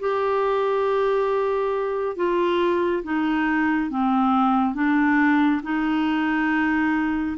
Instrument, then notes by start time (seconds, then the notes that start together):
clarinet
0.00 G4
2.17 F4
3.04 D#4
3.91 C4
4.75 D4
5.63 D#4